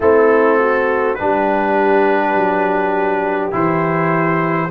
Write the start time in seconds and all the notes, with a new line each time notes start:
0.00 A3 C4 E4 A4
0.58 F#4
1.14 D4 G4 B4
1.21 G3
2.35 F#3
3.51 E3 E4 C5